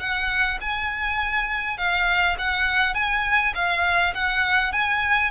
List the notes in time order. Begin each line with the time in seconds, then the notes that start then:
0.00 F#5
0.61 G#5
1.78 F5
2.39 F#5
2.95 G#5
3.55 F5
4.14 F#5
4.72 G#5